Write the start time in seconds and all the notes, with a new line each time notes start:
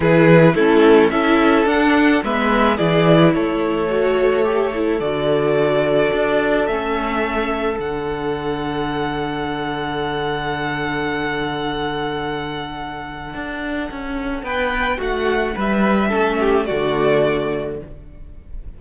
0.00 E3 E4 G#4 B4
0.55 A3 C#4 E4 A4
1.10 C#4 E4 A4 E5
1.66 D4 F#5
2.23 G#3 B3 B4 E5
2.77 E3 E4 G#4 D5
3.33 A3 A4 C#5
3.89 F#4
4.44 G4
4.73 E4
5.00 D3 F#4 D5
6.12 D4
6.66 A3 C#4 E5
7.78 D3 D4 F#5
13.34 D4
13.91 C#4
14.42 B3 B4 G5
14.97 A3 F#4 F#5
15.55 G3 B4 E5
16.08 A3 C#4 A4
16.39 G4
16.65 D3 A3 F#4 D5